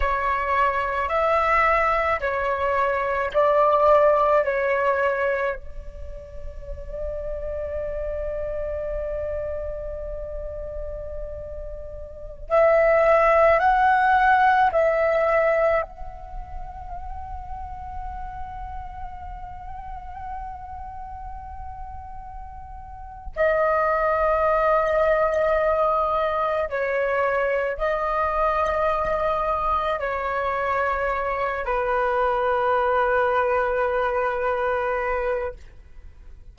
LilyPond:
\new Staff \with { instrumentName = "flute" } { \time 4/4 \tempo 4 = 54 cis''4 e''4 cis''4 d''4 | cis''4 d''2.~ | d''2.~ d''16 e''8.~ | e''16 fis''4 e''4 fis''4.~ fis''16~ |
fis''1~ | fis''4 dis''2. | cis''4 dis''2 cis''4~ | cis''8 b'2.~ b'8 | }